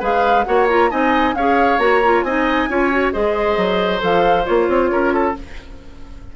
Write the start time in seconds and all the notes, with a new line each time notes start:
0.00 G#3 G#4 B4 F5
0.44 A#3 F#4 C#5 F#5
0.69 F4 A#5
0.90 C4 D#4 D#5 G#5
1.34 C#4 G#4 C#5 F5
1.78 A#3 F#4 A#5
2.04 F4
2.23 C4 D#4 D#5 G#5
2.69 C#4 F4 C#5
2.91 F#4
3.12 G#3 G#4 C5 D#5
3.57 F#3
4.00 F3 A4 F5
4.45 A#3 F4 C#5
4.68 C4
4.91 C#4 A#4
5.14 A4